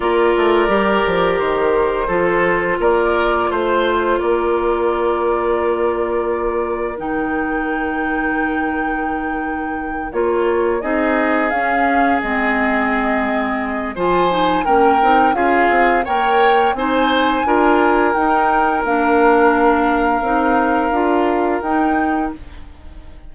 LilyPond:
<<
  \new Staff \with { instrumentName = "flute" } { \time 4/4 \tempo 4 = 86 d''2 c''2 | d''4 c''4 d''2~ | d''2 g''2~ | g''2~ g''8 cis''4 dis''8~ |
dis''8 f''4 dis''2~ dis''8 | gis''4 g''4 f''4 g''4 | gis''2 g''4 f''4~ | f''2. g''4 | }
  \new Staff \with { instrumentName = "oboe" } { \time 4/4 ais'2. a'4 | ais'4 c''4 ais'2~ | ais'1~ | ais'2.~ ais'8 gis'8~ |
gis'1 | c''4 ais'4 gis'4 cis''4 | c''4 ais'2.~ | ais'1 | }
  \new Staff \with { instrumentName = "clarinet" } { \time 4/4 f'4 g'2 f'4~ | f'1~ | f'2 dis'2~ | dis'2~ dis'8 f'4 dis'8~ |
dis'8 cis'4 c'2~ c'8 | f'8 dis'8 cis'8 dis'8 f'4 ais'4 | dis'4 f'4 dis'4 d'4~ | d'4 dis'4 f'4 dis'4 | }
  \new Staff \with { instrumentName = "bassoon" } { \time 4/4 ais8 a8 g8 f8 dis4 f4 | ais4 a4 ais2~ | ais2 dis2~ | dis2~ dis8 ais4 c'8~ |
c'8 cis'4 gis2~ gis8 | f4 ais8 c'8 cis'8 c'8 ais4 | c'4 d'4 dis'4 ais4~ | ais4 c'4 d'4 dis'4 | }
>>